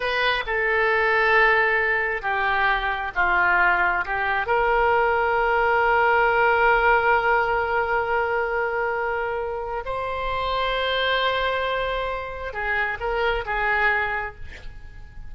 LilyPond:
\new Staff \with { instrumentName = "oboe" } { \time 4/4 \tempo 4 = 134 b'4 a'2.~ | a'4 g'2 f'4~ | f'4 g'4 ais'2~ | ais'1~ |
ais'1~ | ais'2 c''2~ | c''1 | gis'4 ais'4 gis'2 | }